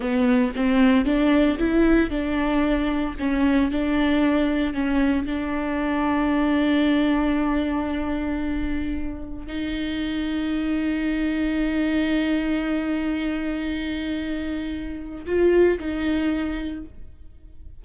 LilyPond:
\new Staff \with { instrumentName = "viola" } { \time 4/4 \tempo 4 = 114 b4 c'4 d'4 e'4 | d'2 cis'4 d'4~ | d'4 cis'4 d'2~ | d'1~ |
d'2 dis'2~ | dis'1~ | dis'1~ | dis'4 f'4 dis'2 | }